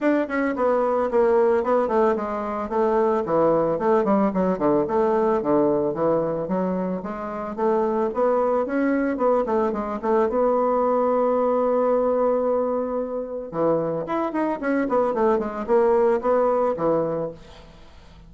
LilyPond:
\new Staff \with { instrumentName = "bassoon" } { \time 4/4 \tempo 4 = 111 d'8 cis'8 b4 ais4 b8 a8 | gis4 a4 e4 a8 g8 | fis8 d8 a4 d4 e4 | fis4 gis4 a4 b4 |
cis'4 b8 a8 gis8 a8 b4~ | b1~ | b4 e4 e'8 dis'8 cis'8 b8 | a8 gis8 ais4 b4 e4 | }